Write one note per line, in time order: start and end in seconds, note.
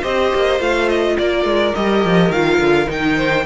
0.00 0.33 C4
0.00 0.59 G4
0.00 1.14 C5
0.00 0.61 D#5
0.35 0.60 A#3
0.59 1.17 A3
0.59 1.74 F4
0.59 0.89 F5
0.89 1.17 D#5
1.18 1.44 A#3
1.18 3.16 A#4
1.18 1.75 D5
1.44 1.73 G#3
1.75 2.05 G3
1.75 2.33 G4
1.75 2.32 D#5
2.05 2.30 F3
2.30 2.58 D#3
2.30 2.86 F4
2.30 2.89 F5
2.59 2.87 D3
2.86 3.46 D#3
2.86 3.43 D#4
2.86 3.46 G5
3.16 3.45 C5